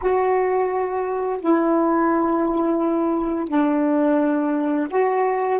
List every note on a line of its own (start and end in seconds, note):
0.01 1.40 F#4
1.40 3.48 E4
3.48 4.87 D4
4.90 5.60 F#4